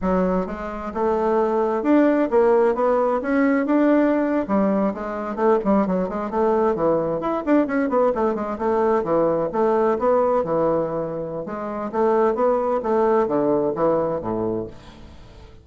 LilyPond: \new Staff \with { instrumentName = "bassoon" } { \time 4/4 \tempo 4 = 131 fis4 gis4 a2 | d'4 ais4 b4 cis'4 | d'4.~ d'16 g4 gis4 a16~ | a16 g8 fis8 gis8 a4 e4 e'16~ |
e'16 d'8 cis'8 b8 a8 gis8 a4 e16~ | e8. a4 b4 e4~ e16~ | e4 gis4 a4 b4 | a4 d4 e4 a,4 | }